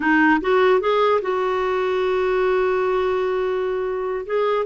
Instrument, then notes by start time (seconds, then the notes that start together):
clarinet
0.00 D#4
0.41 F#4
0.80 G#4
1.21 F#4
4.26 G#4